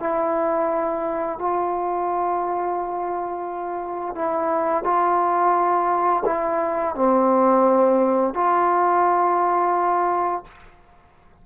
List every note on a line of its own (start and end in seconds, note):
0.00 1.39 E4
1.39 4.15 F4
4.15 4.84 E4
4.84 6.24 F4
6.26 6.95 E4
6.95 8.35 C4
8.35 10.44 F4